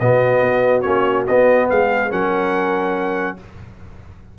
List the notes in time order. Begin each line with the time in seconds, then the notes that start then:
0.00 B2 B3 F#4 D#5
0.41 B3
0.81 A#3 C#4 C#5
1.27 B3 D#5
1.70 G#3 G#4 F5
2.10 F#3 C#4 A#4 F#5